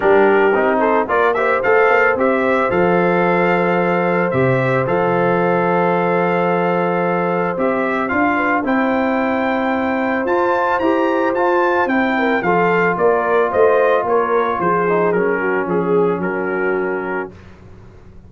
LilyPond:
<<
  \new Staff \with { instrumentName = "trumpet" } { \time 4/4 \tempo 4 = 111 ais'4. c''8 d''8 e''8 f''4 | e''4 f''2. | e''4 f''2.~ | f''2 e''4 f''4 |
g''2. a''4 | ais''4 a''4 g''4 f''4 | d''4 dis''4 cis''4 c''4 | ais'4 gis'4 ais'2 | }
  \new Staff \with { instrumentName = "horn" } { \time 4/4 g'4. a'8 ais'8 c''4.~ | c''1~ | c''1~ | c''2.~ c''8 b'8 |
c''1~ | c''2~ c''8 ais'8 a'4 | ais'4 c''4 ais'4 gis'4~ | gis'8 fis'8 gis'4 fis'2 | }
  \new Staff \with { instrumentName = "trombone" } { \time 4/4 d'4 dis'4 f'8 g'8 a'4 | g'4 a'2. | g'4 a'2.~ | a'2 g'4 f'4 |
e'2. f'4 | g'4 f'4 e'4 f'4~ | f'2.~ f'8 dis'8 | cis'1 | }
  \new Staff \with { instrumentName = "tuba" } { \time 4/4 g4 c'4 ais4 a8 ais8 | c'4 f2. | c4 f2.~ | f2 c'4 d'4 |
c'2. f'4 | e'4 f'4 c'4 f4 | ais4 a4 ais4 f4 | fis4 f4 fis2 | }
>>